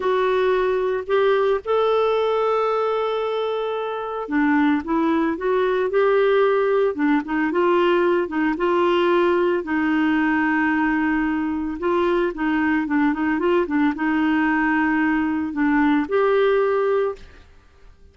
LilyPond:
\new Staff \with { instrumentName = "clarinet" } { \time 4/4 \tempo 4 = 112 fis'2 g'4 a'4~ | a'1 | d'4 e'4 fis'4 g'4~ | g'4 d'8 dis'8 f'4. dis'8 |
f'2 dis'2~ | dis'2 f'4 dis'4 | d'8 dis'8 f'8 d'8 dis'2~ | dis'4 d'4 g'2 | }